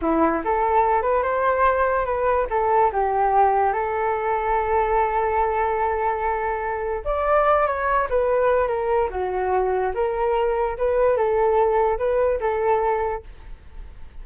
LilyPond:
\new Staff \with { instrumentName = "flute" } { \time 4/4 \tempo 4 = 145 e'4 a'4. b'8 c''4~ | c''4 b'4 a'4 g'4~ | g'4 a'2.~ | a'1~ |
a'4 d''4. cis''4 b'8~ | b'4 ais'4 fis'2 | ais'2 b'4 a'4~ | a'4 b'4 a'2 | }